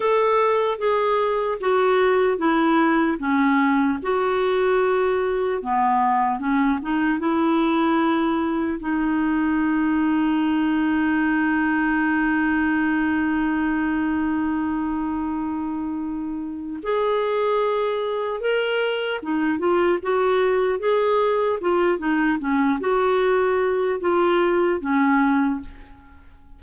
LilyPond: \new Staff \with { instrumentName = "clarinet" } { \time 4/4 \tempo 4 = 75 a'4 gis'4 fis'4 e'4 | cis'4 fis'2 b4 | cis'8 dis'8 e'2 dis'4~ | dis'1~ |
dis'1~ | dis'4 gis'2 ais'4 | dis'8 f'8 fis'4 gis'4 f'8 dis'8 | cis'8 fis'4. f'4 cis'4 | }